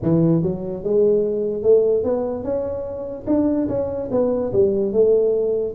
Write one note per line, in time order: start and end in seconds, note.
0.02 0.42 E3
0.42 0.83 F#3
0.83 1.63 G#3
1.63 2.03 A3
2.03 2.43 B3
2.43 3.25 C#4
3.27 3.68 D4
3.68 4.09 C#4
4.11 4.52 B3
4.52 4.92 G3
4.92 5.74 A3